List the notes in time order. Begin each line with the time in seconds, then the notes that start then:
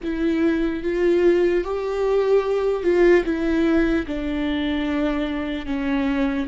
0.03 E4
0.83 F4
1.64 G4
2.83 F4
3.24 E4
4.07 D4
5.65 C#4